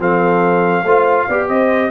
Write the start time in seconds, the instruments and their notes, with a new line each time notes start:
0.00 tuba F3, trombone C4, horn A4, trumpet F5
0.84 tuba A3, trombone F4, horn C5
1.28 tuba B3, trombone G4, horn D5
1.49 tuba C4, horn C5, trumpet D#5